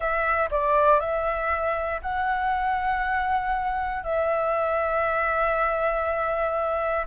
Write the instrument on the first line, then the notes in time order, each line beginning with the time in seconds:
flute
0.00 E5
0.50 D5
0.99 E5
2.01 F#5
4.03 E5